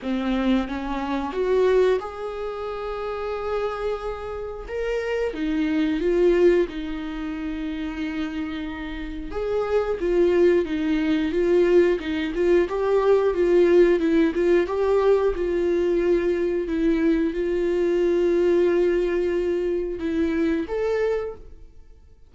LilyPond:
\new Staff \with { instrumentName = "viola" } { \time 4/4 \tempo 4 = 90 c'4 cis'4 fis'4 gis'4~ | gis'2. ais'4 | dis'4 f'4 dis'2~ | dis'2 gis'4 f'4 |
dis'4 f'4 dis'8 f'8 g'4 | f'4 e'8 f'8 g'4 f'4~ | f'4 e'4 f'2~ | f'2 e'4 a'4 | }